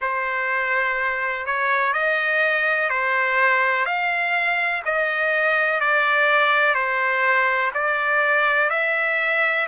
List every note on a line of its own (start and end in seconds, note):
0.00 1.46 C5
1.46 1.93 C#5
1.93 2.89 D#5
2.89 3.85 C5
3.85 4.82 F5
4.85 5.80 D#5
5.80 6.74 D5
6.74 7.71 C5
7.74 8.70 D5
8.70 9.66 E5